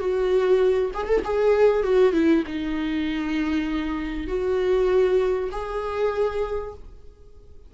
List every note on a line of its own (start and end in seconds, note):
0.00 0.92 F#4
0.94 1.07 G#4
1.07 1.23 A4
1.25 1.84 G#4
1.84 2.13 F#4
2.13 2.44 E4
2.47 4.27 D#4
4.27 5.50 F#4
5.52 6.74 G#4